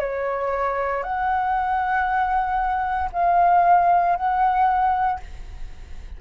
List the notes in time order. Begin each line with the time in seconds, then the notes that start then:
0.00 C#5
1.03 F#5
3.13 F5
4.17 F#5